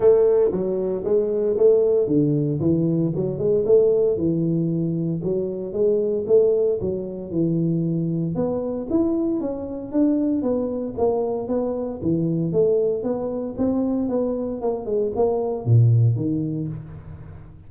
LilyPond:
\new Staff \with { instrumentName = "tuba" } { \time 4/4 \tempo 4 = 115 a4 fis4 gis4 a4 | d4 e4 fis8 gis8 a4 | e2 fis4 gis4 | a4 fis4 e2 |
b4 e'4 cis'4 d'4 | b4 ais4 b4 e4 | a4 b4 c'4 b4 | ais8 gis8 ais4 ais,4 dis4 | }